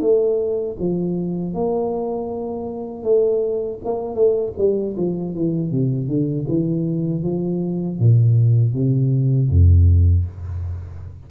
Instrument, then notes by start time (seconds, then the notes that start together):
tuba
0.00 A3
0.79 F3
1.54 A#3
3.03 A3
3.84 A#3
4.14 A3
4.57 G3
4.96 F3
5.34 E3
5.71 C3
6.07 D3
6.48 E3
7.23 F3
7.98 A#2
8.73 C3
9.49 F2